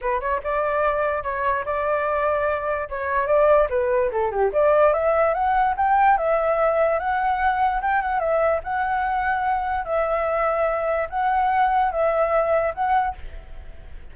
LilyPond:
\new Staff \with { instrumentName = "flute" } { \time 4/4 \tempo 4 = 146 b'8 cis''8 d''2 cis''4 | d''2. cis''4 | d''4 b'4 a'8 g'8 d''4 | e''4 fis''4 g''4 e''4~ |
e''4 fis''2 g''8 fis''8 | e''4 fis''2. | e''2. fis''4~ | fis''4 e''2 fis''4 | }